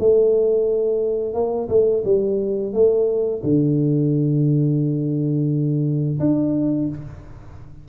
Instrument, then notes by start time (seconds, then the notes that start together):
tuba
0.00 A3
1.34 A#3
1.69 A3
2.05 G3
2.74 A3
3.44 D3
6.20 D4